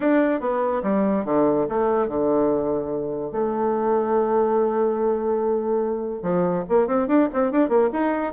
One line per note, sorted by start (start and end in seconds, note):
0.00 0.40 D4
0.40 0.82 B3
0.83 1.24 G3
1.25 1.66 D3
1.68 2.08 A3
2.08 3.31 D3
3.31 6.22 A3
6.22 6.64 F3
6.68 6.87 A#3
6.87 7.07 C4
7.07 7.28 D4
7.33 7.51 C4
7.51 7.69 D4
7.69 7.89 A#3
7.92 8.32 D#4